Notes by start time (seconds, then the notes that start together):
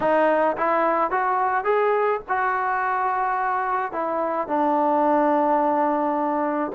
0.00 D#4
0.56 E4
1.11 F#4
1.64 G#4
2.28 F#4
3.92 E4
4.47 D4